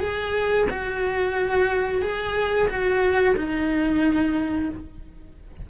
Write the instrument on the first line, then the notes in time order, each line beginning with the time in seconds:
cello
0.00 G#4
0.69 F#4
2.02 G#4
2.68 F#4
3.36 D#4